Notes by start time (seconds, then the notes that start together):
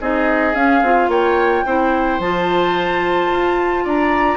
0.00 C4 D#4 G#4 D#5
0.54 C#4 F5
0.82 C4 F4
1.08 A#3 C#5 G5
1.65 C4 E4 C5
2.19 F3 F4 A5
3.32 F4
3.84 D4 D5 A#5